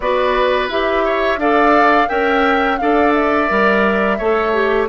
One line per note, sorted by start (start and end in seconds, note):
0.00 0.68 B3
0.00 0.69 F#4
0.00 1.04 B4
0.00 0.69 D5
0.68 1.37 E4
0.68 1.39 G4
0.68 1.39 E5
1.04 1.39 C#5
1.37 2.07 D4
1.37 2.08 A4
1.37 2.08 D5
1.37 2.08 F5
2.08 2.80 C#4
2.08 2.78 A#4
2.08 2.78 E5
2.08 2.77 G5
2.77 3.50 D4
2.77 3.48 A4
2.77 4.17 D5
2.77 3.12 F5
3.13 4.88 E5
3.48 4.19 G3
3.48 4.18 A#4
4.17 4.89 A3
4.17 4.53 A4
4.17 4.87 C#5
4.53 4.88 G4